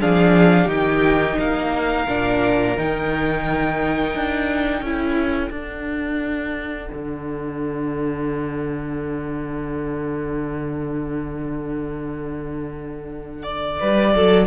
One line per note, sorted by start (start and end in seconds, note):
0.00 0.67 F3
0.00 0.68 D4
0.00 0.65 G#4
0.00 0.69 F5
0.65 1.36 D#3
0.65 2.06 D#4
0.65 1.34 G4
0.65 1.38 G5
1.38 2.07 A#3
1.38 4.81 A#4
1.38 2.77 F5
2.08 2.76 A#2
2.08 2.77 D4
2.76 4.14 D#3
2.76 4.84 D#4
2.76 5.51 G5
4.14 4.80 D4
4.80 5.49 C#4
4.80 5.50 E4
4.80 13.78 A4
5.50 6.88 D4
5.50 14.46 D4
5.50 13.43 F#5
6.92 13.82 D3
13.43 14.46 D5
13.80 14.14 G3
13.80 14.14 B4
14.14 14.46 F#3
14.14 14.46 A4